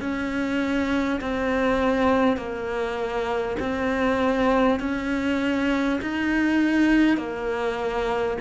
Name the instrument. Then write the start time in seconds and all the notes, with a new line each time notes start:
cello
0.00 C#4
1.21 C4
2.37 A#3
3.59 C4
4.79 C#4
6.02 D#4
7.17 A#3